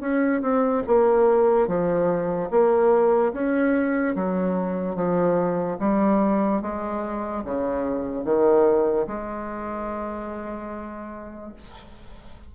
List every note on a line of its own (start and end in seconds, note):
0.00 0.41 C#4
0.41 0.83 C4
0.87 1.67 A#3
1.67 2.49 F3
2.50 3.33 A#3
3.33 4.15 C#4
4.15 4.95 F#3
4.95 5.77 F3
5.79 6.62 G3
6.62 7.44 G#3
7.44 8.24 C#3
8.24 9.06 D#3
9.07 11.53 G#3